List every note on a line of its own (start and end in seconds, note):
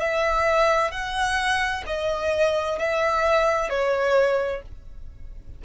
0.00 0.91 E5
0.91 1.84 F#5
1.87 2.79 D#5
2.79 3.70 E5
3.70 4.62 C#5